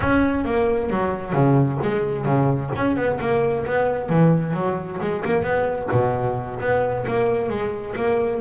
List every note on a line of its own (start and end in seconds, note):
0.00 0.44 C#4
0.44 0.90 A#3
0.90 1.33 F#3
1.33 1.78 C#3
1.82 2.25 G#3
2.25 2.70 C#3
2.76 2.96 C#4
2.96 3.19 B3
3.19 3.65 A#3
3.65 4.09 B3
4.09 4.53 E3
4.53 4.99 F#3
5.00 5.23 G#3
5.25 5.42 A#3
5.42 5.88 B3
5.91 6.59 B2
6.60 7.05 B3
7.07 7.49 A#3
7.49 7.94 G#3
7.95 8.41 A#3